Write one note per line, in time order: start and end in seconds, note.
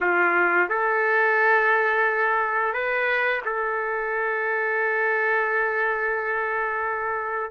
0.00 0.68 F4
0.69 2.73 A4
2.73 3.41 B4
3.45 7.51 A4